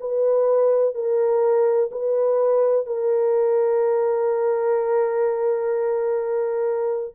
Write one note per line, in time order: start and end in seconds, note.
0.00 0.94 B4
0.94 1.90 A#4
1.91 2.86 B4
2.86 7.15 A#4